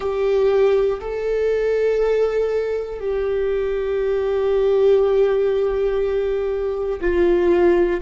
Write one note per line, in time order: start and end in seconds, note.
0.00 1.00 G4
1.00 3.00 A4
3.00 7.00 G4
7.00 8.00 F4